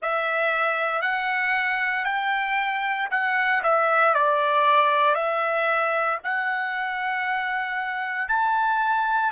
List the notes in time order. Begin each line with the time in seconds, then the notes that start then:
0.01 E5
1.01 F#5
2.05 G5
3.10 F#5
3.63 E5
4.14 D5
5.14 E5
6.23 F#5
8.28 A5